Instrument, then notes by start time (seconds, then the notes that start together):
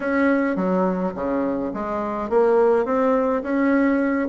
bassoon
0.00 C#4
0.56 F#3
1.15 C#3
1.73 G#3
2.29 A#3
2.85 C4
3.42 C#4